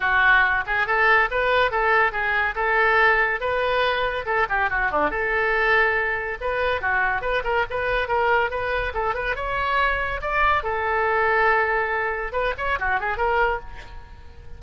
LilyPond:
\new Staff \with { instrumentName = "oboe" } { \time 4/4 \tempo 4 = 141 fis'4. gis'8 a'4 b'4 | a'4 gis'4 a'2 | b'2 a'8 g'8 fis'8 d'8 | a'2. b'4 |
fis'4 b'8 ais'8 b'4 ais'4 | b'4 a'8 b'8 cis''2 | d''4 a'2.~ | a'4 b'8 cis''8 fis'8 gis'8 ais'4 | }